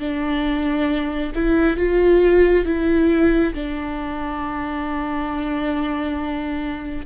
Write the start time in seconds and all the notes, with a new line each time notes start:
0.00 D4
1.35 E4
1.77 F4
2.66 E4
3.55 D4